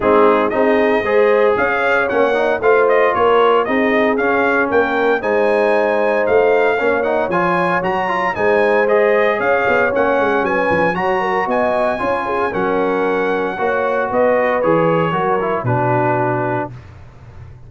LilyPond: <<
  \new Staff \with { instrumentName = "trumpet" } { \time 4/4 \tempo 4 = 115 gis'4 dis''2 f''4 | fis''4 f''8 dis''8 cis''4 dis''4 | f''4 g''4 gis''2 | f''4. fis''8 gis''4 ais''4 |
gis''4 dis''4 f''4 fis''4 | gis''4 ais''4 gis''2 | fis''2. dis''4 | cis''2 b'2 | }
  \new Staff \with { instrumentName = "horn" } { \time 4/4 dis'4 gis'4 c''4 cis''4~ | cis''4 c''4 ais'4 gis'4~ | gis'4 ais'4 c''2~ | c''4 cis''2. |
c''2 cis''2 | b'4 cis''8 ais'8 dis''4 cis''8 gis'8 | ais'2 cis''4 b'4~ | b'4 ais'4 fis'2 | }
  \new Staff \with { instrumentName = "trombone" } { \time 4/4 c'4 dis'4 gis'2 | cis'8 dis'8 f'2 dis'4 | cis'2 dis'2~ | dis'4 cis'8 dis'8 f'4 fis'8 f'8 |
dis'4 gis'2 cis'4~ | cis'4 fis'2 f'4 | cis'2 fis'2 | gis'4 fis'8 e'8 d'2 | }
  \new Staff \with { instrumentName = "tuba" } { \time 4/4 gis4 c'4 gis4 cis'4 | ais4 a4 ais4 c'4 | cis'4 ais4 gis2 | a4 ais4 f4 fis4 |
gis2 cis'8 b8 ais8 gis8 | fis8 f8 fis4 b4 cis'4 | fis2 ais4 b4 | e4 fis4 b,2 | }
>>